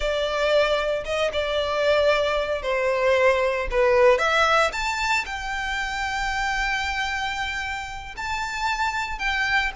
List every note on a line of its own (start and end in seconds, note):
0.00 1.04 D5
1.04 1.31 D#5
1.33 2.62 D5
2.62 3.67 C5
3.71 4.18 B4
4.18 4.71 E5
4.72 5.25 A5
5.25 8.15 G5
8.17 9.18 A5
9.18 9.71 G5